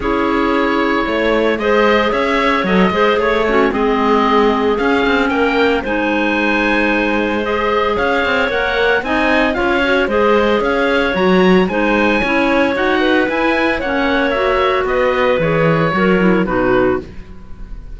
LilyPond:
<<
  \new Staff \with { instrumentName = "oboe" } { \time 4/4 \tempo 4 = 113 cis''2. dis''4 | e''4 dis''4 cis''4 dis''4~ | dis''4 f''4 g''4 gis''4~ | gis''2 dis''4 f''4 |
fis''4 gis''4 f''4 dis''4 | f''4 ais''4 gis''2 | fis''4 gis''4 fis''4 e''4 | dis''4 cis''2 b'4 | }
  \new Staff \with { instrumentName = "clarinet" } { \time 4/4 gis'2 cis''4 c''4 | cis''4. c''8 cis''8 cis'8 gis'4~ | gis'2 ais'4 c''4~ | c''2. cis''4~ |
cis''4 dis''4 cis''4 c''4 | cis''2 c''4 cis''4~ | cis''8 b'4. cis''2 | b'2 ais'4 fis'4 | }
  \new Staff \with { instrumentName = "clarinet" } { \time 4/4 e'2. gis'4~ | gis'4 a'8 gis'4 fis'8 c'4~ | c'4 cis'2 dis'4~ | dis'2 gis'2 |
ais'4 dis'4 f'8 fis'8 gis'4~ | gis'4 fis'4 dis'4 e'4 | fis'4 e'4 cis'4 fis'4~ | fis'4 gis'4 fis'8 e'8 dis'4 | }
  \new Staff \with { instrumentName = "cello" } { \time 4/4 cis'2 a4 gis4 | cis'4 fis8 gis8 a4 gis4~ | gis4 cis'8 c'8 ais4 gis4~ | gis2. cis'8 c'8 |
ais4 c'4 cis'4 gis4 | cis'4 fis4 gis4 cis'4 | dis'4 e'4 ais2 | b4 e4 fis4 b,4 | }
>>